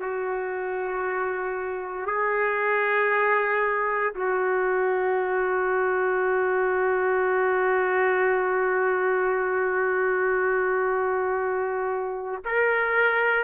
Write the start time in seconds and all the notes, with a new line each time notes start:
0.00 F#4
2.06 G#4
4.15 F#4
12.45 A#4